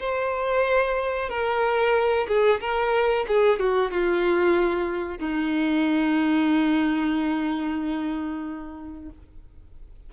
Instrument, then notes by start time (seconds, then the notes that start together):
violin
0.00 C5
1.30 A#4
2.28 G#4
2.61 A#4
3.28 G#4
3.59 F#4
3.91 F4
5.18 D#4